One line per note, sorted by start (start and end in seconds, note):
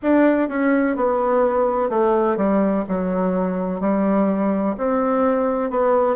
0.02 0.48 D4
0.48 0.96 C#4
0.96 1.89 B3
1.89 2.36 A3
2.36 2.84 G3
2.88 3.80 F#3
3.80 4.75 G3
4.77 5.70 C4
5.70 6.16 B3